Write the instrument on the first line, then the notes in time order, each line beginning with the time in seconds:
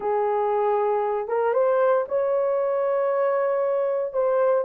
horn
0.00 G#4
1.27 A#4
1.53 C5
2.08 C#5
4.13 C5